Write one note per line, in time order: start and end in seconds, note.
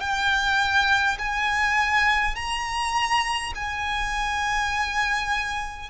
0.00 1.18 G5
1.18 2.35 G#5
2.35 3.53 A#5
3.55 5.90 G#5